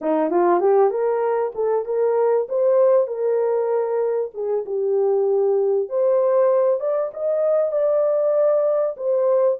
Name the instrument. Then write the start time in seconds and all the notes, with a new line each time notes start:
horn
0.01 D#4
0.30 F4
0.60 G4
0.90 A#4
1.54 A4
1.85 A#4
2.49 C5
3.07 A#4
4.34 G#4
4.65 G4
5.89 C5
6.80 D5
7.13 D#5
7.72 D5
8.96 C5